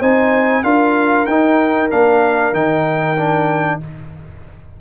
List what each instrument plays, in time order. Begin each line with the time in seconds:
0.00 tuba C4, trombone D#4, horn C5, trumpet G#5
0.63 tuba D4, trombone F4, horn A#4, trumpet F5
1.26 tuba D#4, trombone D#4, trumpet G5
1.90 tuba A#3, trombone D4, trumpet F5
2.53 tuba D#3, trombone D#4, trumpet G5
3.17 trombone D4